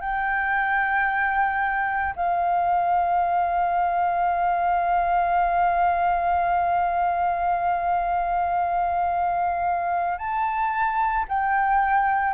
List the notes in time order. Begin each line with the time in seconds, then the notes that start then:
0.00 G5
2.16 F5
10.18 A5
11.28 G5